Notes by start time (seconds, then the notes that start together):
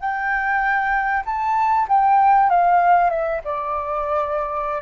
0.00 G5
1.26 A5
1.88 G5
2.50 F5
3.10 E5
3.44 D5